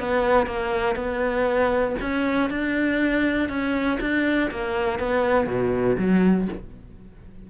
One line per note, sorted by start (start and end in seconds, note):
0.00 0.47 B3
0.47 0.96 A#3
0.96 1.96 B3
2.02 2.50 C#4
2.50 3.49 D4
3.49 3.99 C#4
4.01 4.51 D4
4.51 5.00 A#3
5.00 5.47 B3
5.47 5.97 B2
5.99 6.49 F#3